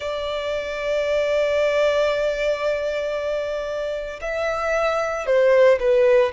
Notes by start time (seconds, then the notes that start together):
0.00 D5
4.21 E5
5.26 C5
5.79 B4